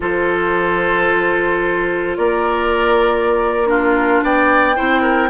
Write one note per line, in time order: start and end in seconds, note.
0.00 2.17 F3
0.00 3.66 F4
0.00 2.17 A4
0.00 2.17 C5
2.17 4.22 A#3
2.17 3.67 A#4
2.17 3.67 D5
3.66 4.75 D4
3.66 4.24 F4
3.66 4.21 A#4
4.22 4.77 B3
4.22 4.76 D5
4.22 5.30 G5
4.75 5.30 C4
4.75 5.30 E4
4.75 5.01 C5
5.01 5.29 A#4